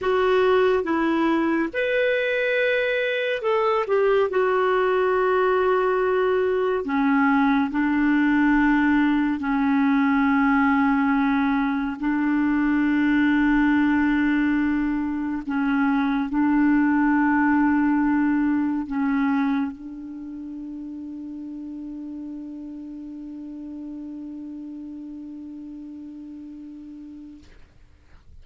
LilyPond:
\new Staff \with { instrumentName = "clarinet" } { \time 4/4 \tempo 4 = 70 fis'4 e'4 b'2 | a'8 g'8 fis'2. | cis'4 d'2 cis'4~ | cis'2 d'2~ |
d'2 cis'4 d'4~ | d'2 cis'4 d'4~ | d'1~ | d'1 | }